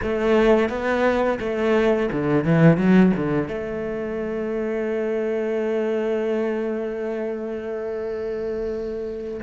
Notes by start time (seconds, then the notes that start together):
0.02 A3
0.69 B3
1.40 A3
2.12 D3
2.44 E3
2.77 F#3
3.16 D3
3.48 A3